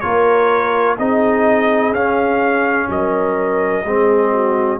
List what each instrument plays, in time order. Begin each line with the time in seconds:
0.00 tuba A#3, trombone F4, horn A#4, trumpet C#5
0.98 tuba C4, trombone D#4, horn G#4, trumpet D#5
1.92 tuba C#4, trombone C#4, trumpet F5
2.89 tuba F#3, horn A#4, trumpet D#5
3.84 tuba G#3, trombone C4, horn G#4
4.32 horn F#4